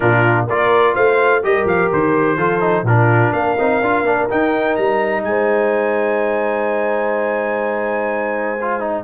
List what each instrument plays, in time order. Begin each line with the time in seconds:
0.00 tuba A#2, trombone D4, horn F4, trumpet A#4
0.47 tuba A#3, trombone F4, horn A#4, trumpet D5
0.93 tuba A3, horn C5, trumpet F5
1.43 tuba G3, trombone G4, horn A#4, trumpet D#5
1.64 tuba F3, trumpet F5
1.92 tuba D#3, trumpet C5
2.37 tuba F3, trombone F4, horn A4
2.60 trombone D#4
2.82 tuba A#2, trombone D4, horn F4, trumpet A#4
3.32 tuba A#3, horn A#4, trumpet F5
3.58 tuba C4, trombone D#4
3.80 tuba D4, trombone F4
4.02 tuba A#3, trombone D4
4.29 trombone D#4, tuba D#4, trumpet G5
4.76 tuba G3, trumpet A#5
5.23 tuba G#3, horn C5, trumpet G#5
8.61 trombone F4
8.80 trombone D#4